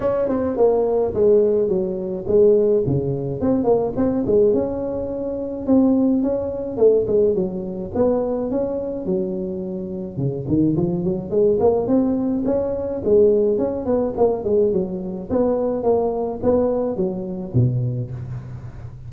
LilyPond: \new Staff \with { instrumentName = "tuba" } { \time 4/4 \tempo 4 = 106 cis'8 c'8 ais4 gis4 fis4 | gis4 cis4 c'8 ais8 c'8 gis8 | cis'2 c'4 cis'4 | a8 gis8 fis4 b4 cis'4 |
fis2 cis8 dis8 f8 fis8 | gis8 ais8 c'4 cis'4 gis4 | cis'8 b8 ais8 gis8 fis4 b4 | ais4 b4 fis4 b,4 | }